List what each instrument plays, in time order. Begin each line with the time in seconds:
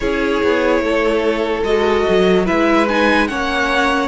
0.00 cello C#4, viola E4, violin G#4 C#5
0.43 cello B3
0.80 cello A3, violin A4
1.63 cello G#3, viola F#4, violin D#5
2.08 cello F#3
2.45 cello G#3, viola E4, violin B4 E5
2.88 viola D#4, violin G#5
3.27 cello A#3, viola C#4, violin C#5 F#5